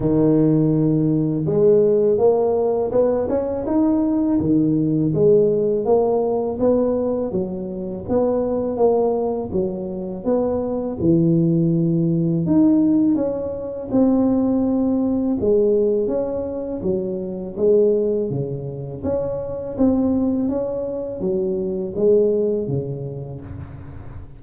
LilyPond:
\new Staff \with { instrumentName = "tuba" } { \time 4/4 \tempo 4 = 82 dis2 gis4 ais4 | b8 cis'8 dis'4 dis4 gis4 | ais4 b4 fis4 b4 | ais4 fis4 b4 e4~ |
e4 dis'4 cis'4 c'4~ | c'4 gis4 cis'4 fis4 | gis4 cis4 cis'4 c'4 | cis'4 fis4 gis4 cis4 | }